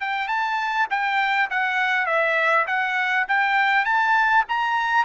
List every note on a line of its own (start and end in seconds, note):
0.00 0.28 G5
0.28 0.87 A5
0.90 1.49 G5
1.50 2.06 F#5
2.06 2.65 E5
2.67 3.26 F#5
3.28 3.85 G5
3.85 4.44 A5
4.48 5.04 A#5